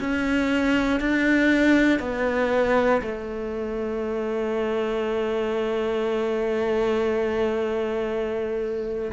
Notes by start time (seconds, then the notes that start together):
0.00 C#4
1.00 D4
1.99 B3
3.01 A3